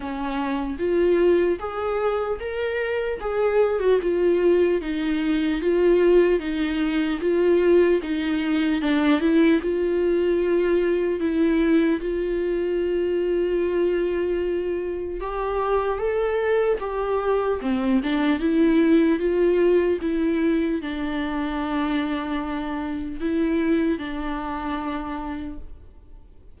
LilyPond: \new Staff \with { instrumentName = "viola" } { \time 4/4 \tempo 4 = 75 cis'4 f'4 gis'4 ais'4 | gis'8. fis'16 f'4 dis'4 f'4 | dis'4 f'4 dis'4 d'8 e'8 | f'2 e'4 f'4~ |
f'2. g'4 | a'4 g'4 c'8 d'8 e'4 | f'4 e'4 d'2~ | d'4 e'4 d'2 | }